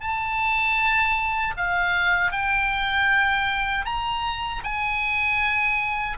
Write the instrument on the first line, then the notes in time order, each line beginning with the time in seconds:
oboe
0.00 A5
1.56 F5
2.31 G5
3.85 A#5
4.63 G#5